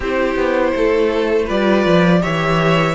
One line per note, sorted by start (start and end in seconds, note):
0.00 0.35 C4
0.00 1.47 E4
0.00 0.72 G4
0.00 1.49 C5
0.35 0.72 B3
0.75 1.49 A3
0.75 1.45 A4
1.45 1.85 G3
1.45 2.21 F4
1.45 2.19 B4
1.45 2.22 D5
1.85 2.22 F3
2.21 2.94 E3
2.21 2.94 G4
2.21 2.94 C#5
2.21 2.94 E5